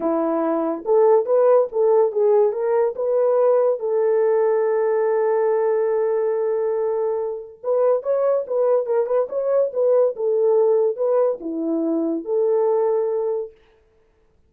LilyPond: \new Staff \with { instrumentName = "horn" } { \time 4/4 \tempo 4 = 142 e'2 a'4 b'4 | a'4 gis'4 ais'4 b'4~ | b'4 a'2.~ | a'1~ |
a'2 b'4 cis''4 | b'4 ais'8 b'8 cis''4 b'4 | a'2 b'4 e'4~ | e'4 a'2. | }